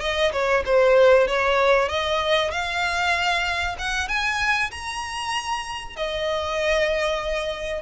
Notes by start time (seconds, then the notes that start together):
0.00 D#5
0.32 C#5
0.65 C5
1.27 C#5
1.88 D#5
2.51 F5
3.78 F#5
4.08 G#5
4.71 A#5
5.96 D#5